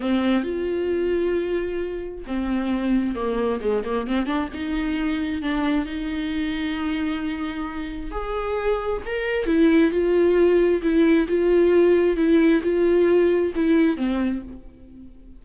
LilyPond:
\new Staff \with { instrumentName = "viola" } { \time 4/4 \tempo 4 = 133 c'4 f'2.~ | f'4 c'2 ais4 | gis8 ais8 c'8 d'8 dis'2 | d'4 dis'2.~ |
dis'2 gis'2 | ais'4 e'4 f'2 | e'4 f'2 e'4 | f'2 e'4 c'4 | }